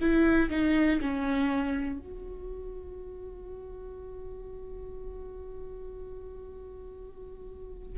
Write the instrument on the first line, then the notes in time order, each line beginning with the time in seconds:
viola
0.00 E4
0.50 D#4
1.00 C#4
1.99 F#4